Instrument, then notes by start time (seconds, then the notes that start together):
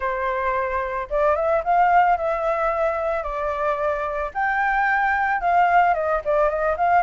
flute
0.00 C5
1.10 D5
1.35 E5
1.64 F5
2.17 E5
3.23 D5
4.33 G5
5.40 F5
5.94 D#5
6.24 D5
6.49 D#5
6.77 F5